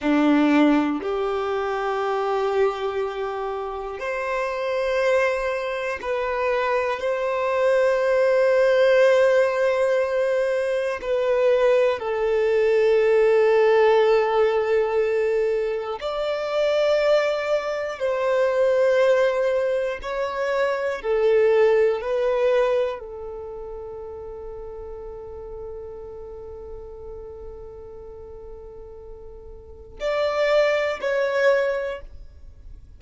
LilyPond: \new Staff \with { instrumentName = "violin" } { \time 4/4 \tempo 4 = 60 d'4 g'2. | c''2 b'4 c''4~ | c''2. b'4 | a'1 |
d''2 c''2 | cis''4 a'4 b'4 a'4~ | a'1~ | a'2 d''4 cis''4 | }